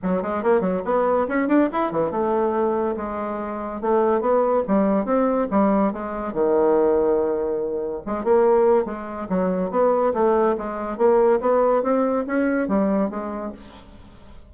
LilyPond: \new Staff \with { instrumentName = "bassoon" } { \time 4/4 \tempo 4 = 142 fis8 gis8 ais8 fis8 b4 cis'8 d'8 | e'8 e8 a2 gis4~ | gis4 a4 b4 g4 | c'4 g4 gis4 dis4~ |
dis2. gis8 ais8~ | ais4 gis4 fis4 b4 | a4 gis4 ais4 b4 | c'4 cis'4 g4 gis4 | }